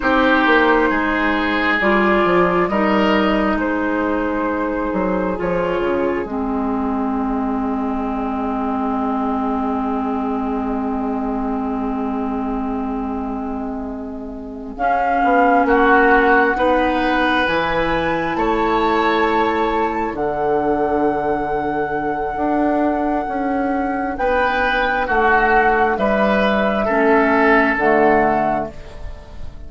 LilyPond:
<<
  \new Staff \with { instrumentName = "flute" } { \time 4/4 \tempo 4 = 67 c''2 d''4 dis''4 | c''2 cis''4 dis''4~ | dis''1~ | dis''1~ |
dis''8 f''4 fis''2 gis''8~ | gis''8 a''2 fis''4.~ | fis''2. g''4 | fis''4 e''2 fis''4 | }
  \new Staff \with { instrumentName = "oboe" } { \time 4/4 g'4 gis'2 ais'4 | gis'1~ | gis'1~ | gis'1~ |
gis'4. fis'4 b'4.~ | b'8 cis''2 a'4.~ | a'2. b'4 | fis'4 b'4 a'2 | }
  \new Staff \with { instrumentName = "clarinet" } { \time 4/4 dis'2 f'4 dis'4~ | dis'2 f'4 c'4~ | c'1~ | c'1~ |
c'8 cis'2 dis'4 e'8~ | e'2~ e'8 d'4.~ | d'1~ | d'2 cis'4 a4 | }
  \new Staff \with { instrumentName = "bassoon" } { \time 4/4 c'8 ais8 gis4 g8 f8 g4 | gis4. fis8 f8 cis8 gis4~ | gis1~ | gis1~ |
gis8 cis'8 b8 ais4 b4 e8~ | e8 a2 d4.~ | d4 d'4 cis'4 b4 | a4 g4 a4 d4 | }
>>